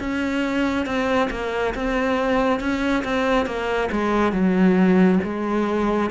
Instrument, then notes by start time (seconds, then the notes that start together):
cello
0.00 C#4
0.86 C4
1.31 A#3
1.75 C4
2.60 C#4
3.04 C4
3.46 A#3
3.92 G#3
4.33 F#3
5.24 G#3